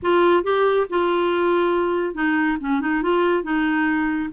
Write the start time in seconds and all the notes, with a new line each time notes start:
0.02 F4
0.43 G4
0.89 F4
2.14 D#4
2.60 C#4
2.81 D#4
3.02 F4
3.43 D#4